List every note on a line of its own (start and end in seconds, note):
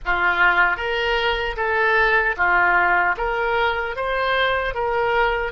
0.05 0.76 F4
0.76 1.55 A#4
1.56 2.35 A4
2.36 3.15 F4
3.17 3.95 A#4
3.95 4.74 C5
4.74 5.52 A#4